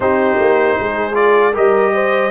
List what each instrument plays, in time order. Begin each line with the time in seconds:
0.00 tuba C4, trombone D#4, horn G4, trumpet C5
0.40 tuba A#3
0.79 tuba G#3, horn G#4
1.13 trombone F4, trumpet D5
1.52 tuba G3, trombone G4, horn A#4, trumpet D#5
1.93 horn C5